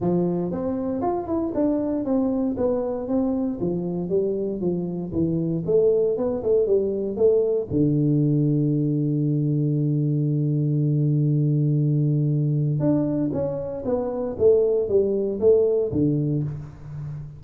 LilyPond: \new Staff \with { instrumentName = "tuba" } { \time 4/4 \tempo 4 = 117 f4 c'4 f'8 e'8 d'4 | c'4 b4 c'4 f4 | g4 f4 e4 a4 | b8 a8 g4 a4 d4~ |
d1~ | d1~ | d4 d'4 cis'4 b4 | a4 g4 a4 d4 | }